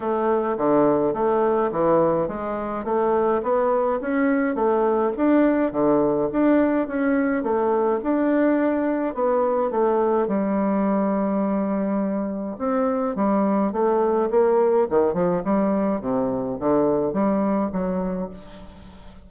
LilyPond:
\new Staff \with { instrumentName = "bassoon" } { \time 4/4 \tempo 4 = 105 a4 d4 a4 e4 | gis4 a4 b4 cis'4 | a4 d'4 d4 d'4 | cis'4 a4 d'2 |
b4 a4 g2~ | g2 c'4 g4 | a4 ais4 dis8 f8 g4 | c4 d4 g4 fis4 | }